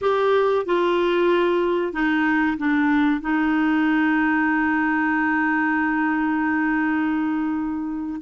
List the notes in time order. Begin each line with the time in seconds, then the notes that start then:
0.01 G4
0.65 F4
1.92 D#4
2.57 D4
3.21 D#4